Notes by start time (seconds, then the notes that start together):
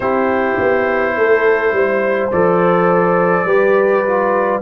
0.00 C4 E4 G4 C5
0.59 B3
1.17 A3 A4
1.72 G3 C5
2.31 F3 A4 D5
3.44 G3 G4 B4
4.06 F4